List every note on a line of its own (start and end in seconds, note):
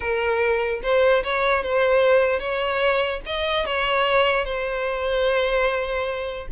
0.00 0.81 A#4
0.82 1.23 C5
1.23 1.63 C#5
1.63 2.39 C5
2.39 3.20 C#5
3.26 3.65 D#5
3.65 4.44 C#5
4.44 6.47 C5